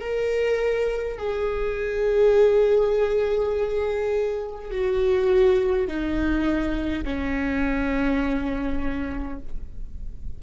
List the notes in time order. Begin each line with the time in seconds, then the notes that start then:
0.00 A#4
1.18 G#4
4.71 F#4
5.88 D#4
7.04 C#4